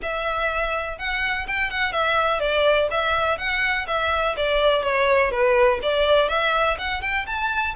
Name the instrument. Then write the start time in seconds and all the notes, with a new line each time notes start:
violin
0.02 E5
0.98 F#5
1.47 G5
1.70 F#5
1.92 E5
2.40 D5
2.90 E5
3.38 F#5
3.87 E5
4.36 D5
4.82 C#5
5.31 B4
5.82 D5
6.28 E5
6.78 F#5
7.01 G5
7.26 A5